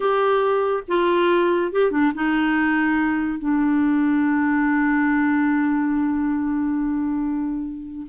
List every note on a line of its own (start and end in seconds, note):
0.00 0.83 G4
0.87 1.71 F4
1.71 1.91 G4
1.91 2.12 D4
2.14 3.38 D#4
3.38 8.06 D4